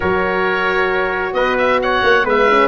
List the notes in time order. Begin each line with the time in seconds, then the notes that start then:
0.00 F#3 F#4 A#4 C#5
1.32 B3 B4 D#5
1.58 E5
1.82 C#5 F#5
2.02 A#3
2.24 G#3 B3 B4 E5
2.49 C#4